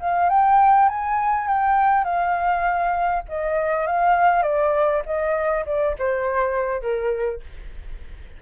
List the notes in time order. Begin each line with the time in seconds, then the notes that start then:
0.00 F5
0.30 G5
0.89 G#5
1.47 G5
2.04 F5
3.29 D#5
3.87 F5
4.43 D5
5.06 D#5
5.66 D5
5.99 C5
6.82 A#4